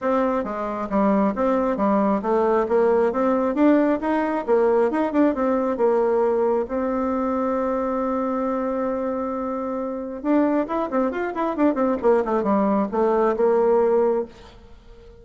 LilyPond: \new Staff \with { instrumentName = "bassoon" } { \time 4/4 \tempo 4 = 135 c'4 gis4 g4 c'4 | g4 a4 ais4 c'4 | d'4 dis'4 ais4 dis'8 d'8 | c'4 ais2 c'4~ |
c'1~ | c'2. d'4 | e'8 c'8 f'8 e'8 d'8 c'8 ais8 a8 | g4 a4 ais2 | }